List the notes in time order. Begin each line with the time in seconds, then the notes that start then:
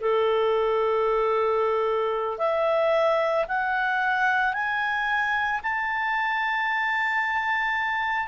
0.00 A4
2.38 E5
3.48 F#5
4.53 G#5
5.62 A5